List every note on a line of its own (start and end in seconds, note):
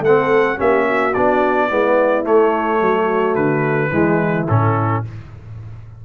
0.00 0.56 A3
0.00 0.56 C4
0.00 0.58 A4
0.00 0.60 F#5
0.56 1.16 A#3
0.56 1.12 C#4
0.56 0.85 G4
0.56 1.14 E5
0.87 1.68 F#4
1.14 1.71 B3
1.14 1.70 D4
1.14 2.25 D5
1.68 2.26 G#3
1.68 2.24 B3
1.68 2.79 E4
2.24 3.91 A3
2.24 2.80 A3
2.24 3.35 C#5
2.80 3.35 F#3
2.80 3.91 F#4
3.35 3.91 D3
3.35 4.46 B4
3.91 4.47 E3
3.91 4.48 G#3
3.91 5.02 E4
4.48 5.05 A2
4.48 5.04 C#4
4.48 5.03 A4